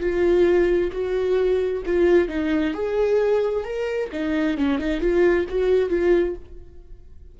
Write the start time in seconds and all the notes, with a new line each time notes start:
0.00 F4
0.92 F#4
1.86 F4
2.28 D#4
2.74 G#4
3.64 A#4
4.12 D#4
4.57 C#4
4.79 D#4
5.00 F4
5.49 F#4
5.89 F4